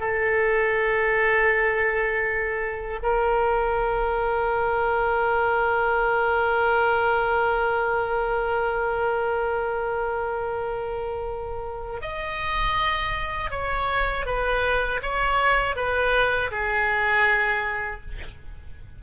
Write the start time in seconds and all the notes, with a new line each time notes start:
0.00 A4
3.03 A#4
12.02 D#5
13.51 C#5
14.26 B4
15.02 C#5
15.76 B4
16.51 G#4